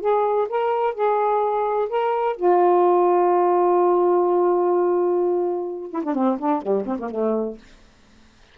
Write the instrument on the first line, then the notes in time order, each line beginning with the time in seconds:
saxophone
0.00 G#4
0.48 A#4
0.94 G#4
1.89 A#4
2.36 F4
5.91 E4
6.03 D4
6.14 C4
6.38 D4
6.62 G3
6.86 C4
6.99 A#3
7.10 A3